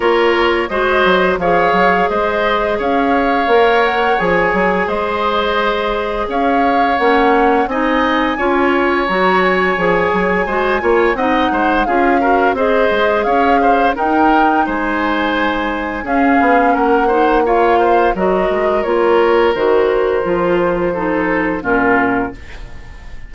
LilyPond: <<
  \new Staff \with { instrumentName = "flute" } { \time 4/4 \tempo 4 = 86 cis''4 dis''4 f''4 dis''4 | f''4. fis''8 gis''4 dis''4~ | dis''4 f''4 fis''4 gis''4~ | gis''4 ais''8 gis''2~ gis''8 |
fis''4 f''4 dis''4 f''4 | g''4 gis''2 f''4 | fis''4 f''4 dis''4 cis''4 | c''2. ais'4 | }
  \new Staff \with { instrumentName = "oboe" } { \time 4/4 ais'4 c''4 cis''4 c''4 | cis''2. c''4~ | c''4 cis''2 dis''4 | cis''2. c''8 cis''8 |
dis''8 c''8 gis'8 ais'8 c''4 cis''8 c''8 | ais'4 c''2 gis'4 | ais'8 c''8 cis''8 c''8 ais'2~ | ais'2 a'4 f'4 | }
  \new Staff \with { instrumentName = "clarinet" } { \time 4/4 f'4 fis'4 gis'2~ | gis'4 ais'4 gis'2~ | gis'2 cis'4 dis'4 | f'4 fis'4 gis'4 fis'8 f'8 |
dis'4 f'8 fis'8 gis'2 | dis'2. cis'4~ | cis'8 dis'8 f'4 fis'4 f'4 | fis'4 f'4 dis'4 cis'4 | }
  \new Staff \with { instrumentName = "bassoon" } { \time 4/4 ais4 gis8 fis8 f8 fis8 gis4 | cis'4 ais4 f8 fis8 gis4~ | gis4 cis'4 ais4 c'4 | cis'4 fis4 f8 fis8 gis8 ais8 |
c'8 gis8 cis'4 c'8 gis8 cis'4 | dis'4 gis2 cis'8 b8 | ais2 fis8 gis8 ais4 | dis4 f2 ais,4 | }
>>